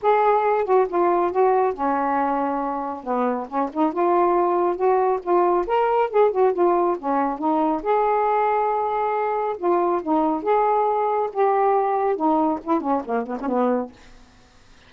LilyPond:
\new Staff \with { instrumentName = "saxophone" } { \time 4/4 \tempo 4 = 138 gis'4. fis'8 f'4 fis'4 | cis'2. b4 | cis'8 dis'8 f'2 fis'4 | f'4 ais'4 gis'8 fis'8 f'4 |
cis'4 dis'4 gis'2~ | gis'2 f'4 dis'4 | gis'2 g'2 | dis'4 e'8 cis'8 ais8 b16 cis'16 b4 | }